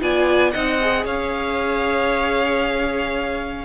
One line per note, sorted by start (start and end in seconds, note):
0.00 0.53 B3
0.00 0.52 F4
0.00 0.53 D5
0.00 0.51 G#5
0.51 1.04 C4
0.51 0.81 D#4
0.51 1.04 D#5
0.51 1.03 F#5
0.81 3.65 G#4
1.04 3.65 C#4
1.04 3.65 C#5
1.04 3.65 F5